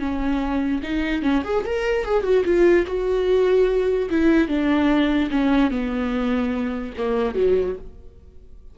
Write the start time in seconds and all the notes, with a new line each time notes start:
0.00 C#4
0.83 D#4
1.23 C#4
1.45 G#4
1.66 A#4
2.05 G#4
2.24 F#4
2.45 F4
2.87 F#4
4.10 E4
4.48 D4
5.31 C#4
5.71 B3
6.98 A#3
7.35 F#3